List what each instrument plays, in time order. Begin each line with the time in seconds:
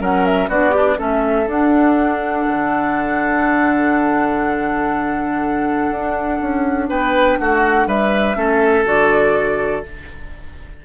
0.00 bassoon F#3, clarinet C#4, oboe A#4, flute F#5
0.25 flute E5
0.48 bassoon B3, clarinet D4, oboe F#4, flute D5
0.70 oboe D4, clarinet G4
0.97 bassoon A3, clarinet C#4, oboe A4, flute E5
1.46 bassoon D4, clarinet D4, flute F#5
2.48 bassoon D3
5.90 bassoon D4
6.41 bassoon C#4
6.89 bassoon B3, oboe B4, flute G5
7.38 bassoon A3, oboe F#4, flute F#5
7.86 bassoon G3, oboe B4, flute E5
8.35 bassoon A3, clarinet C#4, oboe A4
8.85 bassoon D3, clarinet F#4, flute D5